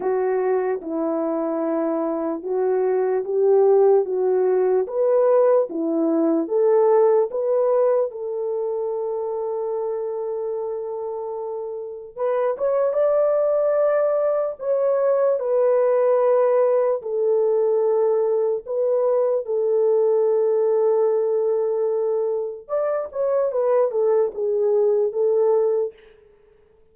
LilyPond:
\new Staff \with { instrumentName = "horn" } { \time 4/4 \tempo 4 = 74 fis'4 e'2 fis'4 | g'4 fis'4 b'4 e'4 | a'4 b'4 a'2~ | a'2. b'8 cis''8 |
d''2 cis''4 b'4~ | b'4 a'2 b'4 | a'1 | d''8 cis''8 b'8 a'8 gis'4 a'4 | }